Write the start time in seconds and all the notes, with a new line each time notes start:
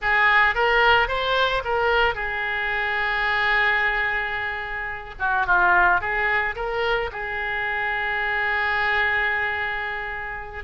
0.01 G#4
0.55 A#4
1.08 C5
1.64 A#4
2.14 G#4
5.19 F#4
5.46 F4
6.00 G#4
6.55 A#4
7.12 G#4